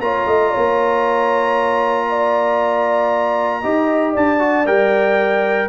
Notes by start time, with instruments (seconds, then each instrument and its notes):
0.00 tuba A#3, trombone F4, horn C#5, trumpet A#5
0.27 tuba A3, horn D#5
0.52 tuba A#3, horn C#5
2.10 horn D5
3.62 tuba D#4, trombone G4, horn D#5
4.14 tuba D4, horn D5, trumpet A5
4.39 trombone F#4
4.66 tuba G3, trombone A#4, trumpet G5